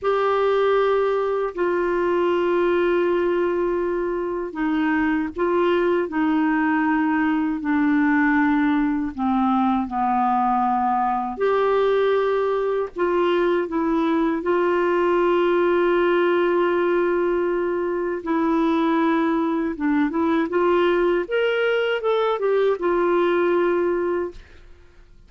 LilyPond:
\new Staff \with { instrumentName = "clarinet" } { \time 4/4 \tempo 4 = 79 g'2 f'2~ | f'2 dis'4 f'4 | dis'2 d'2 | c'4 b2 g'4~ |
g'4 f'4 e'4 f'4~ | f'1 | e'2 d'8 e'8 f'4 | ais'4 a'8 g'8 f'2 | }